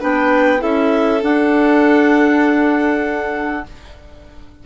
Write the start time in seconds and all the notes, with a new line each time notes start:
0.00 B3 D4 B4 G5
0.59 C#4 E4 A4 E5
1.21 D4 F#5